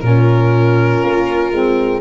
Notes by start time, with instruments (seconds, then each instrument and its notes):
0.00 tuba A#2, saxophone C#4, viola F4, violin A#4
1.03 tuba A#3
1.52 tuba G#3, saxophone C4